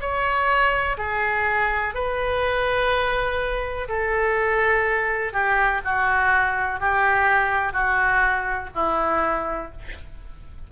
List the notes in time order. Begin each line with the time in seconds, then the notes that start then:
0.00 C#5
0.98 G#4
1.94 B4
3.88 A4
5.33 G4
5.84 F#4
6.80 G4
7.73 F#4
8.75 E4